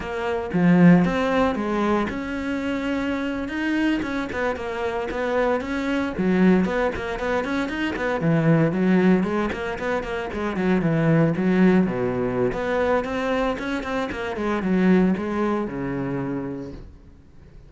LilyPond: \new Staff \with { instrumentName = "cello" } { \time 4/4 \tempo 4 = 115 ais4 f4 c'4 gis4 | cis'2~ cis'8. dis'4 cis'16~ | cis'16 b8 ais4 b4 cis'4 fis16~ | fis8. b8 ais8 b8 cis'8 dis'8 b8 e16~ |
e8. fis4 gis8 ais8 b8 ais8 gis16~ | gis16 fis8 e4 fis4 b,4~ b,16 | b4 c'4 cis'8 c'8 ais8 gis8 | fis4 gis4 cis2 | }